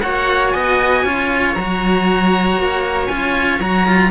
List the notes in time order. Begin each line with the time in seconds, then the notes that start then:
0.00 A#3 F#4 C#5 F#5
0.51 B3 D#5 G#5
1.03 C#4 F4 C#5
1.54 F#3 F#4 A#5
2.57 A#3
3.07 C#4 F4 G#5
3.60 F#3 F#4 A#5
3.87 F4